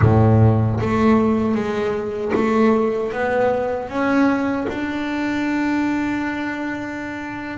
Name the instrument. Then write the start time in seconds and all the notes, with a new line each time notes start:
double bass
0.01 A2
0.80 A3
1.54 G#3
2.34 A3
3.12 B3
3.89 C#4
4.68 D4